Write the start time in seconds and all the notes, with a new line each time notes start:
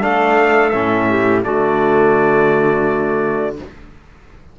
0.00 A3 D4 A4 F5
0.70 A2 C#4 E5
1.09 G4
1.42 D3 A3 F#4 D5